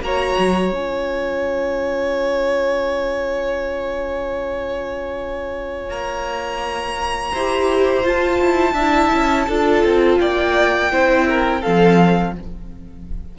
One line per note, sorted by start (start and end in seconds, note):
0.00 0.36 A#3
0.00 0.72 F#4
0.00 7.32 C#5
0.00 0.74 A#5
0.38 0.72 F#3
0.72 5.89 C#4
0.72 7.33 F4
0.72 5.91 G#5
5.89 7.32 A#3
5.89 8.05 A#5
7.32 8.04 E4
7.32 8.04 G4
7.32 8.74 C5
8.04 8.75 F4
8.04 8.40 F4
8.04 10.20 A5
8.41 8.73 E4
8.73 9.09 D4
8.73 9.45 E5
8.80 9.51 E4
9.13 9.49 C#4
9.47 9.84 D4
9.47 10.92 F4
9.47 10.19 A4
9.84 10.20 C4
10.20 10.92 A#3
10.20 10.92 D5
10.20 11.62 G5
10.92 11.63 C4
10.92 11.63 E4
10.92 11.28 C5
11.29 11.61 A#4
11.61 12.38 F3
11.61 12.36 C4
11.61 12.33 A4
11.61 12.34 F5